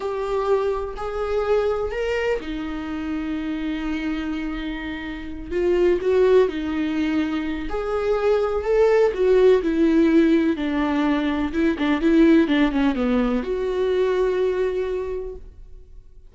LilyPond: \new Staff \with { instrumentName = "viola" } { \time 4/4 \tempo 4 = 125 g'2 gis'2 | ais'4 dis'2.~ | dis'2.~ dis'8 f'8~ | f'8 fis'4 dis'2~ dis'8 |
gis'2 a'4 fis'4 | e'2 d'2 | e'8 d'8 e'4 d'8 cis'8 b4 | fis'1 | }